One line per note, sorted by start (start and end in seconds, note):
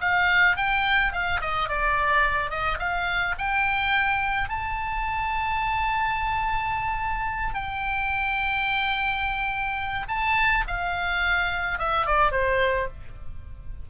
0.00 0.56 F5
0.56 1.12 G5
1.12 1.40 F5
1.41 1.68 D#5
1.68 2.50 D5
2.50 2.78 D#5
2.79 3.35 F5
3.38 4.49 G5
4.49 7.54 A5
7.54 10.06 G5
10.08 10.64 A5
10.67 11.78 F5
11.78 12.06 E5
12.06 12.31 D5
12.31 12.87 C5